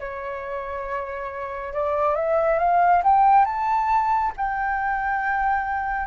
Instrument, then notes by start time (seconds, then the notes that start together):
flute
0.00 C#5
1.73 D5
2.15 E5
2.59 F5
3.04 G5
3.45 A5
4.37 G5